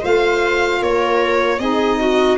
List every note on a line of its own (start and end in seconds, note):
0.00 0.82 A3
0.00 1.58 F4
0.00 0.80 C5
0.00 0.83 F5
0.81 1.59 A#3
0.81 1.60 A#4
0.81 1.59 C#5
1.59 2.38 C4
1.59 2.38 D#4
1.59 2.00 G#4
1.59 2.38 D#5
2.00 2.38 F#4